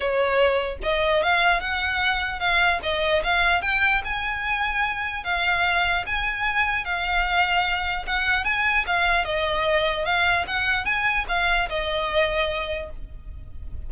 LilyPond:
\new Staff \with { instrumentName = "violin" } { \time 4/4 \tempo 4 = 149 cis''2 dis''4 f''4 | fis''2 f''4 dis''4 | f''4 g''4 gis''2~ | gis''4 f''2 gis''4~ |
gis''4 f''2. | fis''4 gis''4 f''4 dis''4~ | dis''4 f''4 fis''4 gis''4 | f''4 dis''2. | }